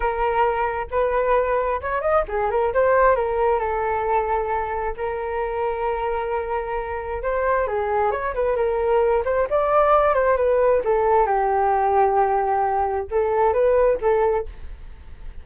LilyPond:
\new Staff \with { instrumentName = "flute" } { \time 4/4 \tempo 4 = 133 ais'2 b'2 | cis''8 dis''8 gis'8 ais'8 c''4 ais'4 | a'2. ais'4~ | ais'1 |
c''4 gis'4 cis''8 b'8 ais'4~ | ais'8 c''8 d''4. c''8 b'4 | a'4 g'2.~ | g'4 a'4 b'4 a'4 | }